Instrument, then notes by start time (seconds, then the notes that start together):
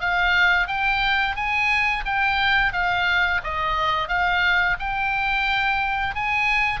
oboe
0.00 F5
0.67 G5
1.35 G#5
2.05 G5
2.72 F5
3.43 D#5
4.08 F5
4.79 G5
6.14 G#5